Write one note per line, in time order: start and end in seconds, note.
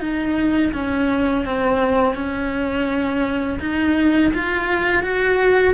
0.00 0.72 D#4
0.73 1.45 C#4
1.45 2.15 C4
2.15 3.59 C#4
3.59 4.32 D#4
4.34 5.03 F4
5.03 5.74 F#4